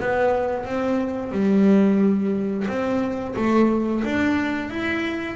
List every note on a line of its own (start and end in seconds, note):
0.00 0.66 B3
0.66 1.32 C4
1.32 2.67 G3
2.68 3.35 C4
3.36 4.04 A3
4.04 4.70 D4
4.70 5.36 E4